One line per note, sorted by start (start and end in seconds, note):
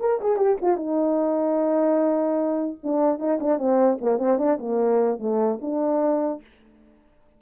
0.00 0.20 A#4
0.21 0.37 G#4
0.37 0.57 G4
0.61 0.77 F4
0.77 2.77 D#4
2.83 3.19 D4
3.19 3.39 D#4
3.40 3.58 D4
3.58 3.98 C4
4.01 4.18 A#3
4.18 4.38 C4
4.38 4.58 D4
4.59 5.19 A#3
5.19 5.59 A3
5.61 6.41 D4